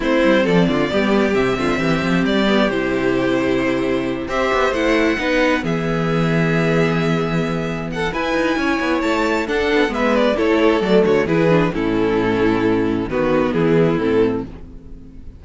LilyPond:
<<
  \new Staff \with { instrumentName = "violin" } { \time 4/4 \tempo 4 = 133 c''4 d''2 e''4~ | e''4 d''4 c''2~ | c''4. e''4 fis''4.~ | fis''8 e''2.~ e''8~ |
e''4. fis''8 gis''2 | a''4 fis''4 e''8 d''8 cis''4 | d''8 cis''8 b'4 a'2~ | a'4 b'4 gis'4 a'4 | }
  \new Staff \with { instrumentName = "violin" } { \time 4/4 e'4 a'8 f'8 g'4. f'8 | g'1~ | g'4. c''2 b'8~ | b'8 gis'2.~ gis'8~ |
gis'4. a'8 b'4 cis''4~ | cis''4 a'4 b'4 a'4~ | a'8 fis'8 gis'4 e'2~ | e'4 fis'4 e'2 | }
  \new Staff \with { instrumentName = "viola" } { \time 4/4 c'2 b4 c'4~ | c'4. b8 e'2~ | e'4. g'4 e'4 dis'8~ | dis'8 b2.~ b8~ |
b2 e'2~ | e'4 d'4 b4 e'4 | a4 e'8 d'8 cis'2~ | cis'4 b2 c'4 | }
  \new Staff \with { instrumentName = "cello" } { \time 4/4 a8 g8 f8 d8 g4 c8 d8 | e8 f8 g4 c2~ | c4. c'8 b8 a4 b8~ | b8 e2.~ e8~ |
e2 e'8 dis'8 cis'8 b8 | a4 d'8 b8 gis4 a4 | fis8 d8 e4 a,2~ | a,4 dis4 e4 a,4 | }
>>